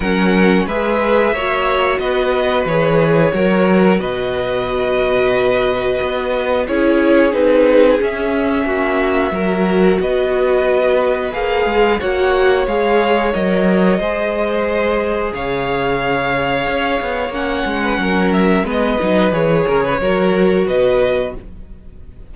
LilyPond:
<<
  \new Staff \with { instrumentName = "violin" } { \time 4/4 \tempo 4 = 90 fis''4 e''2 dis''4 | cis''2 dis''2~ | dis''2 cis''4 b'4 | e''2. dis''4~ |
dis''4 f''4 fis''4 f''4 | dis''2. f''4~ | f''2 fis''4. e''8 | dis''4 cis''2 dis''4 | }
  \new Staff \with { instrumentName = "violin" } { \time 4/4 ais'4 b'4 cis''4 b'4~ | b'4 ais'4 b'2~ | b'2 gis'2~ | gis'4 fis'4 ais'4 b'4~ |
b'2 cis''2~ | cis''4 c''2 cis''4~ | cis''2~ cis''8. b'16 ais'4 | b'4. ais'16 b'16 ais'4 b'4 | }
  \new Staff \with { instrumentName = "viola" } { \time 4/4 cis'4 gis'4 fis'2 | gis'4 fis'2.~ | fis'2 e'4 dis'4 | cis'2 fis'2~ |
fis'4 gis'4 fis'4 gis'4 | ais'4 gis'2.~ | gis'2 cis'2 | b8 dis'8 gis'4 fis'2 | }
  \new Staff \with { instrumentName = "cello" } { \time 4/4 fis4 gis4 ais4 b4 | e4 fis4 b,2~ | b,4 b4 cis'4 c'4 | cis'4 ais4 fis4 b4~ |
b4 ais8 gis8 ais4 gis4 | fis4 gis2 cis4~ | cis4 cis'8 b8 ais8 gis8 fis4 | gis8 fis8 e8 cis8 fis4 b,4 | }
>>